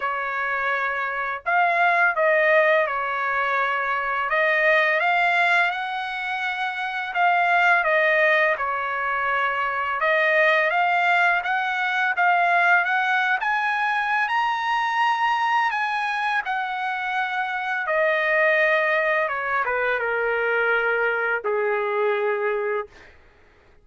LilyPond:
\new Staff \with { instrumentName = "trumpet" } { \time 4/4 \tempo 4 = 84 cis''2 f''4 dis''4 | cis''2 dis''4 f''4 | fis''2 f''4 dis''4 | cis''2 dis''4 f''4 |
fis''4 f''4 fis''8. gis''4~ gis''16 | ais''2 gis''4 fis''4~ | fis''4 dis''2 cis''8 b'8 | ais'2 gis'2 | }